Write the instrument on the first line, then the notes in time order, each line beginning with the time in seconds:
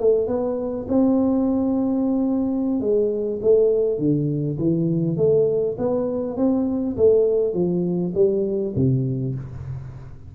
tuba
0.00 A3
0.28 B3
0.89 C4
2.81 G#3
3.42 A3
3.99 D3
4.59 E3
5.17 A3
5.78 B3
6.37 C4
6.97 A3
7.54 F3
8.15 G3
8.76 C3